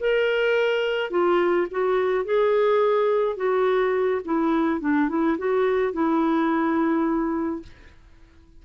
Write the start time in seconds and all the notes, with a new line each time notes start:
0.00 A#4
1.10 F4
1.71 F#4
2.25 G#4
3.36 F#4
4.25 E4
4.80 D4
5.09 E4
5.38 F#4
5.93 E4